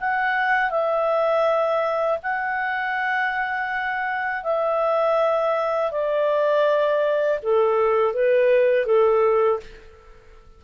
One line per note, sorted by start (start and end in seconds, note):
0.00 0.70 F#5
0.70 2.18 E5
2.23 4.43 F#5
4.43 5.91 E5
5.91 7.39 D5
7.42 8.14 A4
8.14 8.86 B4
8.86 9.60 A4